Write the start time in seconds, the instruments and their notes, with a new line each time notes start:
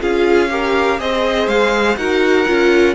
0.00 cello C#4, viola F4, violin G#4 F5
0.50 viola G4, violin A#4
0.98 cello C4, viola G#4, violin C5 D#5
1.47 cello G#3, violin F5
1.96 cello D#4, viola F#4, violin A#4 F#5
2.46 cello C#4, viola F4